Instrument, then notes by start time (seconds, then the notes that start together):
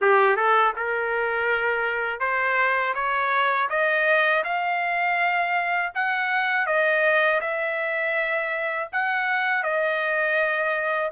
trumpet
0.01 G4
0.36 A4
0.75 A#4
2.20 C5
2.94 C#5
3.69 D#5
4.44 F5
5.95 F#5
6.66 D#5
7.40 E5
8.92 F#5
9.63 D#5